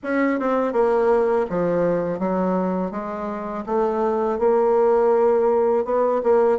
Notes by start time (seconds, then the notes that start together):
0.03 C#4
0.39 C4
0.73 A#3
1.49 F3
2.19 F#3
2.91 G#3
3.66 A3
4.39 A#3
5.84 B3
6.23 A#3